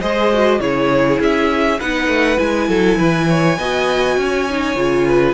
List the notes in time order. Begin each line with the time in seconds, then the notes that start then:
0.00 G#3 G#4 C5 D#5
0.33 F#4
0.59 C#3 E4 G#4 C#5
1.20 C#4 E5
1.79 B3 D#4 B4 F#5
2.08 A3
2.37 G#3 E4 G#5
2.68 F#3 A4
2.97 E3 B4
3.29 C#5
3.58 B3 F#4 D#5
4.17 C#4 C#5
4.49 D#4
4.75 C#3 F4
5.07 B4